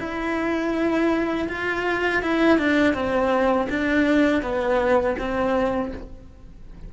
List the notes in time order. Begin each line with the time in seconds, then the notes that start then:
0.00 E4
1.49 F4
2.23 E4
2.59 D4
2.94 C4
3.70 D4
4.43 B3
5.19 C4